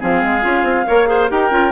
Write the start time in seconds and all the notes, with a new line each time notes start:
0.00 F3 C4 G#4 F5
0.23 G#3
0.42 C#4 F4
0.63 C4
0.87 A#3 A#4 C#5
1.06 G#4 C5
1.29 D#4 G4 A#4 G5
1.51 C#4 F4